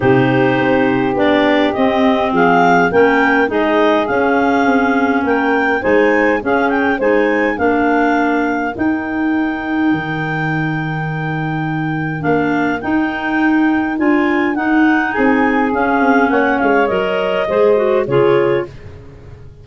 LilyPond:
<<
  \new Staff \with { instrumentName = "clarinet" } { \time 4/4 \tempo 4 = 103 c''2 d''4 dis''4 | f''4 g''4 dis''4 f''4~ | f''4 g''4 gis''4 f''8 g''8 | gis''4 f''2 g''4~ |
g''1~ | g''4 f''4 g''2 | gis''4 fis''4 gis''4 f''4 | fis''8 f''8 dis''2 cis''4 | }
  \new Staff \with { instrumentName = "saxophone" } { \time 4/4 g'1 | gis'4 ais'4 gis'2~ | gis'4 ais'4 c''4 gis'4 | c''4 ais'2.~ |
ais'1~ | ais'1~ | ais'2 gis'2 | cis''2 c''4 gis'4 | }
  \new Staff \with { instrumentName = "clarinet" } { \time 4/4 dis'2 d'4 c'4~ | c'4 cis'4 dis'4 cis'4~ | cis'2 dis'4 cis'4 | dis'4 d'2 dis'4~ |
dis'1~ | dis'4 d'4 dis'2 | f'4 dis'2 cis'4~ | cis'4 ais'4 gis'8 fis'8 f'4 | }
  \new Staff \with { instrumentName = "tuba" } { \time 4/4 c4 c'4 b4 c'4 | f4 ais4 gis4 cis'4 | c'4 ais4 gis4 cis'4 | gis4 ais2 dis'4~ |
dis'4 dis2.~ | dis4 ais4 dis'2 | d'4 dis'4 c'4 cis'8 c'8 | ais8 gis8 fis4 gis4 cis4 | }
>>